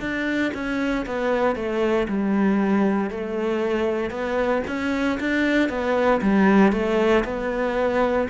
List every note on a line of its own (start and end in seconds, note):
0.00 0.52 D4
0.54 1.05 C#4
1.06 1.55 B3
1.55 2.07 A3
2.08 3.10 G3
3.10 4.10 A3
4.10 4.62 B3
4.67 5.19 C#4
5.20 5.69 D4
5.69 6.21 B3
6.21 6.72 G3
6.72 7.24 A3
7.24 8.28 B3